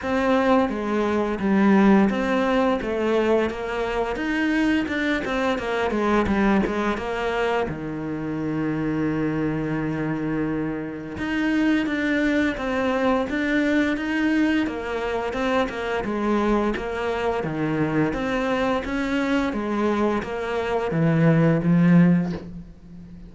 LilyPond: \new Staff \with { instrumentName = "cello" } { \time 4/4 \tempo 4 = 86 c'4 gis4 g4 c'4 | a4 ais4 dis'4 d'8 c'8 | ais8 gis8 g8 gis8 ais4 dis4~ | dis1 |
dis'4 d'4 c'4 d'4 | dis'4 ais4 c'8 ais8 gis4 | ais4 dis4 c'4 cis'4 | gis4 ais4 e4 f4 | }